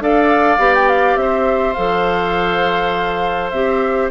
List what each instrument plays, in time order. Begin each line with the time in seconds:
0.00 bassoon D4, clarinet A4, oboe D5, flute F5
0.59 bassoon B3, clarinet G4
0.75 flute G5
0.88 flute F5
1.16 bassoon C4, oboe C5, flute E5
1.74 bassoon F3, clarinet A4, flute F5
3.50 bassoon C4, clarinet G4, flute E5